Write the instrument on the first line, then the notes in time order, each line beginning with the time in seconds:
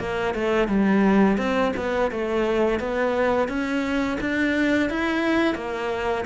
cello
0.00 A#3
0.35 A3
0.68 G3
1.38 C4
1.77 B3
2.12 A3
2.80 B3
3.49 C#4
4.21 D4
4.90 E4
5.55 A#3